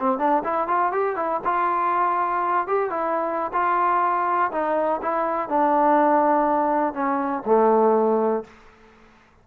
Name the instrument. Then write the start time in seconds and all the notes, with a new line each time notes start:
trombone
0.00 C4
0.19 D4
0.44 E4
0.68 F4
0.92 G4
1.16 E4
1.45 F4
2.68 G4
2.90 E4
3.53 F4
4.52 D#4
5.02 E4
5.49 D4
6.94 C#4
7.46 A3